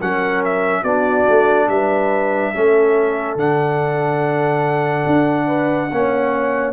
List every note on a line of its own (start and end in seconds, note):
0.00 0.84 F#3
0.00 0.86 C#4
0.00 0.82 A#4
0.00 0.44 F#5
0.45 0.84 E5
0.82 1.26 B3
0.82 2.54 D4
0.82 1.67 F#4
0.82 1.69 D5
1.29 1.68 A3
1.68 2.53 G3
1.68 2.54 B4
1.68 3.38 E5
2.54 3.36 A3
2.54 3.38 C#4
2.54 5.47 A4
3.36 5.05 D3
3.36 5.92 D4
3.36 6.73 F#5
5.07 5.91 D4
5.47 5.89 B4
5.92 6.73 A#3
5.92 6.73 C#4
5.92 6.73 C#5